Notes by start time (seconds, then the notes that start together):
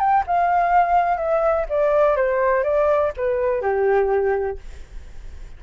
0.00 G5
0.27 F5
1.18 E5
1.70 D5
2.17 C5
2.64 D5
3.17 B4
3.62 G4